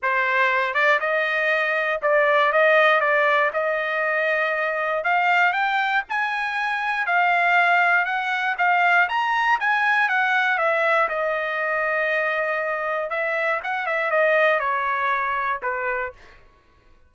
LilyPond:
\new Staff \with { instrumentName = "trumpet" } { \time 4/4 \tempo 4 = 119 c''4. d''8 dis''2 | d''4 dis''4 d''4 dis''4~ | dis''2 f''4 g''4 | gis''2 f''2 |
fis''4 f''4 ais''4 gis''4 | fis''4 e''4 dis''2~ | dis''2 e''4 fis''8 e''8 | dis''4 cis''2 b'4 | }